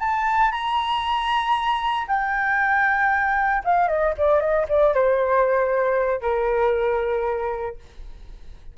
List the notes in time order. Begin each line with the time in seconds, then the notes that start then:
0.00 A5
0.52 A#5
2.08 G5
3.64 F5
3.88 D#5
4.18 D5
4.40 D#5
4.69 D5
4.94 C5
6.21 A#4